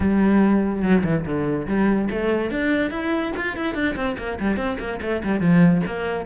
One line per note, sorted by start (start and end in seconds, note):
0.00 0.82 G3
0.82 1.03 F#3
1.03 1.24 E3
1.25 1.66 D3
1.67 2.08 G3
2.10 2.50 A3
2.50 2.90 D4
2.90 3.32 E4
3.36 3.57 F4
3.57 3.74 E4
3.74 3.95 D4
3.95 4.16 C4
4.18 4.38 A#3
4.39 4.56 G3
4.56 4.77 C4
4.79 5.00 A#3
5.01 5.22 A3
5.24 5.40 G3
5.40 5.82 F3
5.86 6.25 A#3